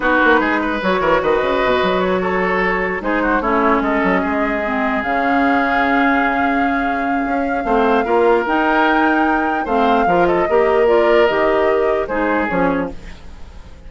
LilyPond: <<
  \new Staff \with { instrumentName = "flute" } { \time 4/4 \tempo 4 = 149 b'2 cis''4 dis''4~ | dis''4 cis''2~ cis''8 c''8~ | c''8 cis''4 dis''2~ dis''8~ | dis''8 f''2.~ f''8~ |
f''1~ | f''4 g''2. | f''4. dis''4. d''4 | dis''2 c''4 cis''4 | }
  \new Staff \with { instrumentName = "oboe" } { \time 4/4 fis'4 gis'8 b'4 ais'8 b'4~ | b'4. a'2 gis'8 | fis'8 e'4 a'4 gis'4.~ | gis'1~ |
gis'2. c''4 | ais'1 | c''4 ais'8 a'8 ais'2~ | ais'2 gis'2 | }
  \new Staff \with { instrumentName = "clarinet" } { \time 4/4 dis'2 fis'2~ | fis'2.~ fis'8 dis'8~ | dis'8 cis'2. c'8~ | c'8 cis'2.~ cis'8~ |
cis'2. c'4 | f'4 dis'2. | c'4 f'4 g'4 f'4 | g'2 dis'4 cis'4 | }
  \new Staff \with { instrumentName = "bassoon" } { \time 4/4 b8 ais8 gis4 fis8 e8 dis8 cis8 | b,8 fis2. gis8~ | gis8 a4 gis8 fis8 gis4.~ | gis8 cis2.~ cis8~ |
cis2 cis'4 a4 | ais4 dis'2. | a4 f4 ais2 | dis2 gis4 f4 | }
>>